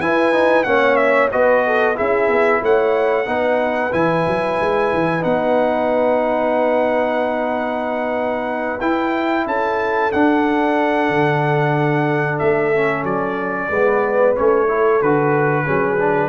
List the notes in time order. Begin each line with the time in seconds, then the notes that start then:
0.00 E4 B4 G#5
0.33 D#4
0.64 A#3 C#4 C#5 F#5
0.96 E5
1.32 B3 F#4 B4 D#5
1.66 A4
1.95 C#4 E4 G#4 E5
2.28 B3
2.62 A3 C#5 F#5
3.25 B3 D#4 B4
3.92 E3 E4 G#5
4.27 F#3
4.60 G#3
4.93 E3
5.20 B3 D#4 F#5
8.80 E4 G5
9.46 C#4 A4 A5
10.12 D4 F#5
11.09 D3
12.39 A3 E5
12.74 C#4
13.03 F#3 D5
13.70 G#3 B3 B4
14.36 A3 C#4 C#5
14.68 E4 A4
15.02 D3 F#4 B4
15.65 F#3 C#4 G#4
15.99 D4